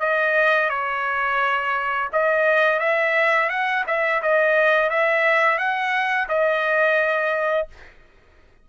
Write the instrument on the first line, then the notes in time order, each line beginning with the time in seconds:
trumpet
0.00 D#5
0.69 C#5
2.13 D#5
2.80 E5
3.49 F#5
3.87 E5
4.22 D#5
4.90 E5
5.58 F#5
6.29 D#5